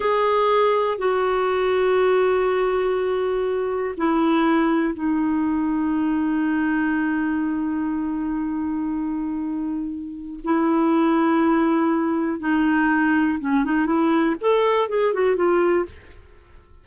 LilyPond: \new Staff \with { instrumentName = "clarinet" } { \time 4/4 \tempo 4 = 121 gis'2 fis'2~ | fis'1 | e'2 dis'2~ | dis'1~ |
dis'1~ | dis'4 e'2.~ | e'4 dis'2 cis'8 dis'8 | e'4 a'4 gis'8 fis'8 f'4 | }